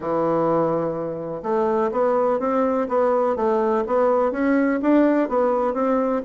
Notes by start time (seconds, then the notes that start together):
0.00 E3
1.42 A3
1.91 B3
2.39 C4
2.88 B3
3.36 A3
3.86 B3
4.31 C#4
4.82 D4
5.28 B3
5.73 C4